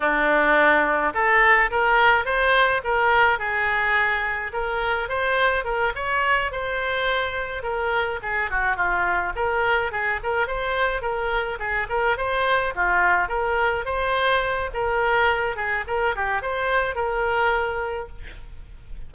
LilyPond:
\new Staff \with { instrumentName = "oboe" } { \time 4/4 \tempo 4 = 106 d'2 a'4 ais'4 | c''4 ais'4 gis'2 | ais'4 c''4 ais'8 cis''4 c''8~ | c''4. ais'4 gis'8 fis'8 f'8~ |
f'8 ais'4 gis'8 ais'8 c''4 ais'8~ | ais'8 gis'8 ais'8 c''4 f'4 ais'8~ | ais'8 c''4. ais'4. gis'8 | ais'8 g'8 c''4 ais'2 | }